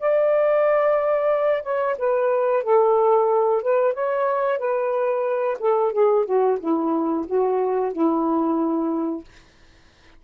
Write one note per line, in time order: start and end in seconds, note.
0.00 1.63 D5
1.63 1.96 C#5
1.98 2.63 B4
2.63 3.62 A4
3.62 3.94 B4
3.94 4.59 C#5
4.59 5.57 B4
5.60 5.93 A4
5.93 6.25 G#4
6.25 6.58 F#4
6.60 7.26 E4
7.27 7.93 F#4
7.93 9.25 E4